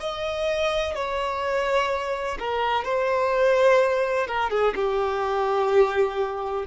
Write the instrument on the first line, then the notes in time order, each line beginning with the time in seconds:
violin
0.00 D#5
0.95 C#5
2.39 A#4
2.84 C5
4.27 A#4
4.50 G#4
4.75 G4